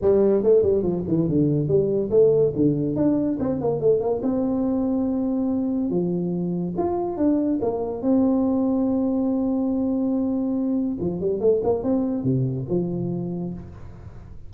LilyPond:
\new Staff \with { instrumentName = "tuba" } { \time 4/4 \tempo 4 = 142 g4 a8 g8 f8 e8 d4 | g4 a4 d4 d'4 | c'8 ais8 a8 ais8 c'2~ | c'2 f2 |
f'4 d'4 ais4 c'4~ | c'1~ | c'2 f8 g8 a8 ais8 | c'4 c4 f2 | }